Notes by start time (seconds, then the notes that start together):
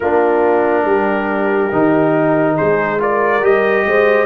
0.00 A#3 D4 F4 A#4
0.84 G3 G4
1.72 D#3 D#4
2.56 G#3 G#4 C5
2.99 F4 A#4 D5
3.41 G3 G4 D#5
3.86 G#3 C5